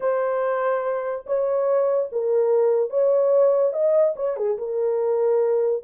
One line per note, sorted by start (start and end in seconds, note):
0.00 1.25 C5
1.26 2.09 C#5
2.12 2.90 A#4
2.90 3.73 C#5
3.73 4.14 D#5
4.16 4.37 C#5
4.37 4.57 G#4
4.58 5.83 A#4